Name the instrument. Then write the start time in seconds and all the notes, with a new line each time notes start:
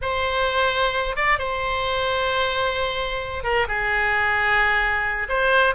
oboe
0.01 C5
1.16 D5
1.39 C5
3.43 A#4
3.67 G#4
5.28 C5